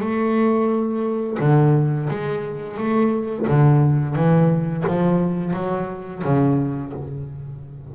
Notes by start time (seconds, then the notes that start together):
0.00 A3
1.40 D3
2.10 G#3
2.77 A3
3.48 D3
4.16 E3
4.87 F3
5.54 F#3
6.24 C#3